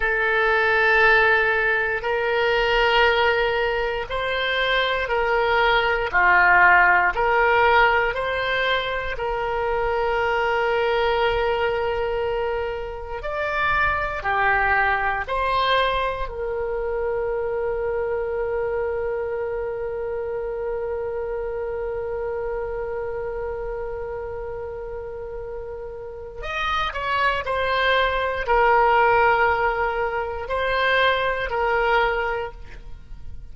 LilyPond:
\new Staff \with { instrumentName = "oboe" } { \time 4/4 \tempo 4 = 59 a'2 ais'2 | c''4 ais'4 f'4 ais'4 | c''4 ais'2.~ | ais'4 d''4 g'4 c''4 |
ais'1~ | ais'1~ | ais'2 dis''8 cis''8 c''4 | ais'2 c''4 ais'4 | }